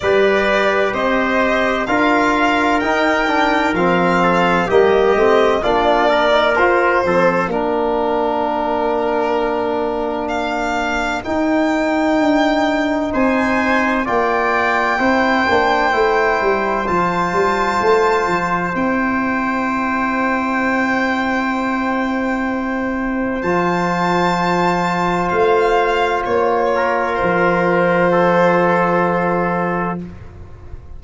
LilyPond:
<<
  \new Staff \with { instrumentName = "violin" } { \time 4/4 \tempo 4 = 64 d''4 dis''4 f''4 g''4 | f''4 dis''4 d''4 c''4 | ais'2. f''4 | g''2 gis''4 g''4~ |
g''2 a''2 | g''1~ | g''4 a''2 f''4 | cis''4 c''2. | }
  \new Staff \with { instrumentName = "trumpet" } { \time 4/4 b'4 c''4 ais'2~ | ais'8 a'8 g'4 f'8 ais'4 a'8 | ais'1~ | ais'2 c''4 d''4 |
c''1~ | c''1~ | c''1~ | c''8 ais'4. a'2 | }
  \new Staff \with { instrumentName = "trombone" } { \time 4/4 g'2 f'4 dis'8 d'8 | c'4 ais8 c'8 d'8. dis'16 f'8 c'8 | d'1 | dis'2. f'4 |
e'8 d'8 e'4 f'2 | e'1~ | e'4 f'2.~ | f'1 | }
  \new Staff \with { instrumentName = "tuba" } { \time 4/4 g4 c'4 d'4 dis'4 | f4 g8 a8 ais4 f'8 f8 | ais1 | dis'4 d'4 c'4 ais4 |
c'8 ais8 a8 g8 f8 g8 a8 f8 | c'1~ | c'4 f2 a4 | ais4 f2. | }
>>